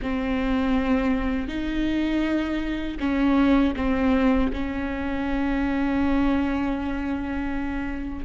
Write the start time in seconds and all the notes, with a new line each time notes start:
0.02 C4
1.48 D#4
2.99 C#4
3.76 C4
4.52 C#4